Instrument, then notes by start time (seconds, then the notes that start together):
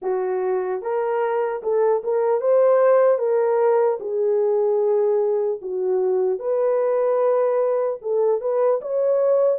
horn
0.01 F#4
0.81 A#4
1.62 A4
2.03 A#4
2.40 C5
3.18 A#4
4.00 G#4
5.61 F#4
6.39 B4
8.01 A4
8.40 B4
8.81 C#5